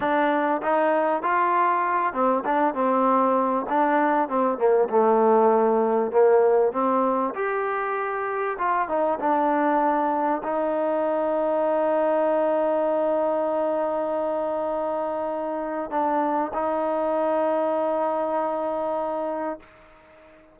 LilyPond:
\new Staff \with { instrumentName = "trombone" } { \time 4/4 \tempo 4 = 98 d'4 dis'4 f'4. c'8 | d'8 c'4. d'4 c'8 ais8 | a2 ais4 c'4 | g'2 f'8 dis'8 d'4~ |
d'4 dis'2.~ | dis'1~ | dis'2 d'4 dis'4~ | dis'1 | }